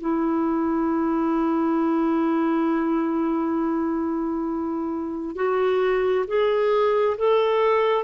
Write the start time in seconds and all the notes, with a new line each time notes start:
0.00 E4
5.36 F#4
6.27 G#4
7.18 A4